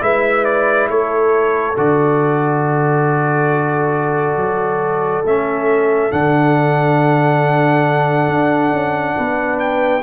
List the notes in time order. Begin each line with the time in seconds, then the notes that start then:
0.00 G#3 E4 B4 E5
0.45 D5
0.89 A3 A4 C#5
1.77 D3 F#4 D5
4.36 F#3
5.25 A3 C#4 E5
6.11 D3 D4 F#5
8.28 D4
8.72 C#4
9.17 B3 B4
9.59 G5